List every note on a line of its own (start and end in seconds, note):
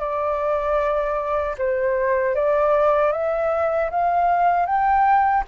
0.00 1.56 D5
1.58 2.35 C5
2.35 3.12 D5
3.12 3.90 E5
3.91 4.66 F5
4.66 5.44 G5